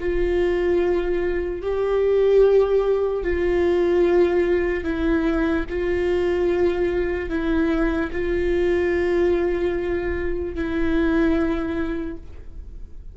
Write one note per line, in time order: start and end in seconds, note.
0.00 1.62 F4
1.62 3.24 G4
3.24 4.84 F4
4.84 5.65 E4
5.70 7.30 F4
7.30 8.11 E4
8.12 10.55 F4
10.55 12.17 E4